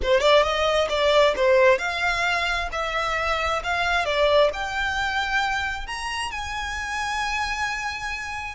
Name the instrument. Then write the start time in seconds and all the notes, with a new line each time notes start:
violin
0.02 C5
0.20 D5
0.42 D#5
0.89 D5
1.35 C5
1.78 F5
2.72 E5
3.63 F5
4.05 D5
4.53 G5
5.86 A#5
6.31 G#5